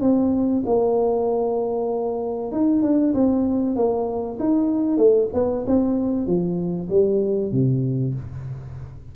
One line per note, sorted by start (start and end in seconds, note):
0.00 0.62 C4
0.65 2.52 A#3
2.52 2.82 D#4
2.82 3.13 D4
3.13 3.76 C4
3.76 4.38 A#3
4.39 4.97 D#4
4.97 5.28 A3
5.33 5.64 B3
5.66 6.26 C4
6.26 6.89 F3
6.89 7.51 G3
7.51 8.14 C3